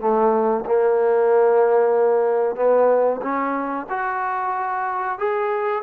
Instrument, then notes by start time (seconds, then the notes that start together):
trombone
0.00 A3
0.66 A#3
2.56 B3
3.22 C#4
3.89 F#4
5.18 G#4